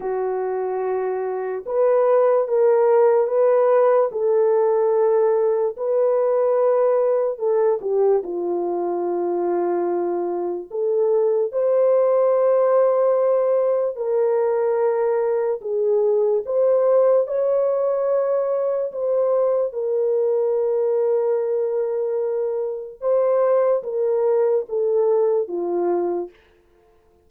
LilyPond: \new Staff \with { instrumentName = "horn" } { \time 4/4 \tempo 4 = 73 fis'2 b'4 ais'4 | b'4 a'2 b'4~ | b'4 a'8 g'8 f'2~ | f'4 a'4 c''2~ |
c''4 ais'2 gis'4 | c''4 cis''2 c''4 | ais'1 | c''4 ais'4 a'4 f'4 | }